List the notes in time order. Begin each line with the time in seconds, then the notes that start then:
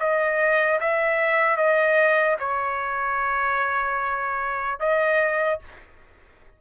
0.00 D#5
0.81 E5
1.57 D#5
2.40 C#5
4.80 D#5